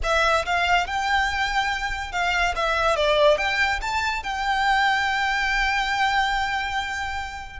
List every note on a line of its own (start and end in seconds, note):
0.03 0.45 E5
0.45 0.87 F5
0.87 2.12 G5
2.12 2.54 F5
2.55 2.96 E5
2.96 3.37 D5
3.37 3.80 G5
3.81 4.23 A5
4.23 7.59 G5